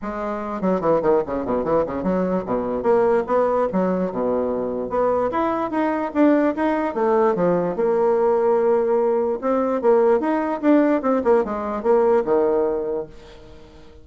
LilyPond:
\new Staff \with { instrumentName = "bassoon" } { \time 4/4 \tempo 4 = 147 gis4. fis8 e8 dis8 cis8 b,8 | e8 cis8 fis4 b,4 ais4 | b4 fis4 b,2 | b4 e'4 dis'4 d'4 |
dis'4 a4 f4 ais4~ | ais2. c'4 | ais4 dis'4 d'4 c'8 ais8 | gis4 ais4 dis2 | }